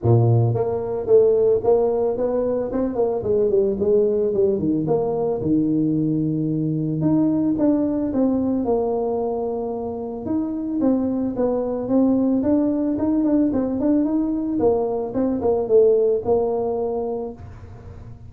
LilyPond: \new Staff \with { instrumentName = "tuba" } { \time 4/4 \tempo 4 = 111 ais,4 ais4 a4 ais4 | b4 c'8 ais8 gis8 g8 gis4 | g8 dis8 ais4 dis2~ | dis4 dis'4 d'4 c'4 |
ais2. dis'4 | c'4 b4 c'4 d'4 | dis'8 d'8 c'8 d'8 dis'4 ais4 | c'8 ais8 a4 ais2 | }